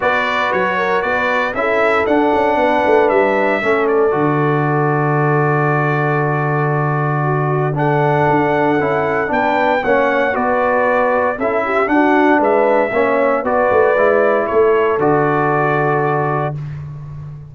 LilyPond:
<<
  \new Staff \with { instrumentName = "trumpet" } { \time 4/4 \tempo 4 = 116 d''4 cis''4 d''4 e''4 | fis''2 e''4. d''8~ | d''1~ | d''2. fis''4~ |
fis''2 g''4 fis''4 | d''2 e''4 fis''4 | e''2 d''2 | cis''4 d''2. | }
  \new Staff \with { instrumentName = "horn" } { \time 4/4 b'4. ais'8 b'4 a'4~ | a'4 b'2 a'4~ | a'1~ | a'2 fis'4 a'4~ |
a'2 b'4 cis''4 | b'2 a'8 g'8 fis'4 | b'4 cis''4 b'2 | a'1 | }
  \new Staff \with { instrumentName = "trombone" } { \time 4/4 fis'2. e'4 | d'2. cis'4 | fis'1~ | fis'2. d'4~ |
d'4 e'4 d'4 cis'4 | fis'2 e'4 d'4~ | d'4 cis'4 fis'4 e'4~ | e'4 fis'2. | }
  \new Staff \with { instrumentName = "tuba" } { \time 4/4 b4 fis4 b4 cis'4 | d'8 cis'8 b8 a8 g4 a4 | d1~ | d1 |
d'4 cis'4 b4 ais4 | b2 cis'4 d'4 | gis4 ais4 b8 a8 gis4 | a4 d2. | }
>>